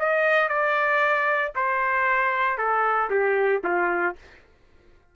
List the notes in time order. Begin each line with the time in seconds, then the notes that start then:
0.00 D#5
0.49 D5
1.56 C5
2.58 A4
3.11 G4
3.64 F4